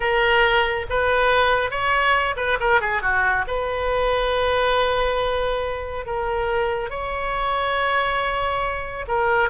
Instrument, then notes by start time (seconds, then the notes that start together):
oboe
0.00 A#4
0.89 B4
1.70 C#5
2.36 B4
2.59 A#4
2.80 G#4
3.02 F#4
3.47 B4
6.05 A#4
6.89 C#5
9.07 A#4